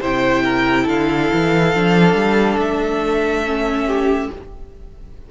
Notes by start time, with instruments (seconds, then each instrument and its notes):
0.00 cello C3, viola E4, violin C5 G5
0.44 violin A#4
0.83 cello D3, violin A4 F5
1.33 cello E3
1.74 cello F3, viola D4
2.14 cello G3
2.57 cello A3, violin E5
3.45 viola C#4
3.87 violin G4